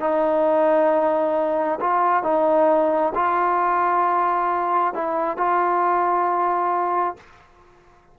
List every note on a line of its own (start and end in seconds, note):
0.00 1.79 D#4
1.80 2.23 F4
2.23 3.13 D#4
3.15 4.94 F4
4.94 5.37 E4
5.37 7.16 F4